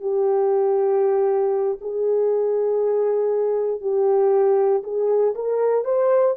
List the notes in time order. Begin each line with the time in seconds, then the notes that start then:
0.00 G4
1.81 G#4
3.80 G4
4.83 G#4
5.35 A#4
5.84 C5